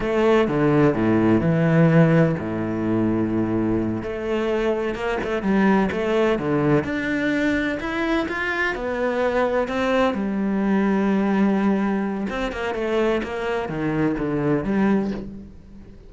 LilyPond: \new Staff \with { instrumentName = "cello" } { \time 4/4 \tempo 4 = 127 a4 d4 a,4 e4~ | e4 a,2.~ | a,8 a2 ais8 a8 g8~ | g8 a4 d4 d'4.~ |
d'8 e'4 f'4 b4.~ | b8 c'4 g2~ g8~ | g2 c'8 ais8 a4 | ais4 dis4 d4 g4 | }